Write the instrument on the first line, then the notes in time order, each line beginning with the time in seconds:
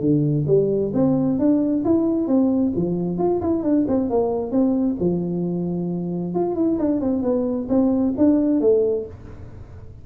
tuba
0.00 D3
0.47 G3
0.94 C4
1.39 D4
1.85 E4
2.27 C4
2.75 F3
3.18 F4
3.41 E4
3.63 D4
3.87 C4
4.09 A#3
4.51 C4
5.00 F3
6.34 F4
6.55 E4
6.79 D4
7.00 C4
7.22 B3
7.69 C4
8.17 D4
8.60 A3